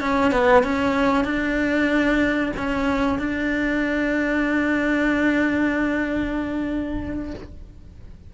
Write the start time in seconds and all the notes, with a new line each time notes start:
0.00 C#4
0.31 B3
0.63 C#4
1.24 D4
2.56 C#4
3.19 D4